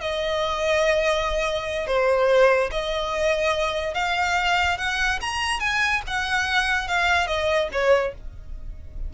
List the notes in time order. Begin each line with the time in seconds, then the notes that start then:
0.00 D#5
1.87 C5
2.70 D#5
3.94 F5
4.77 F#5
5.21 A#5
5.59 G#5
6.06 F#5
6.87 F5
7.27 D#5
7.72 C#5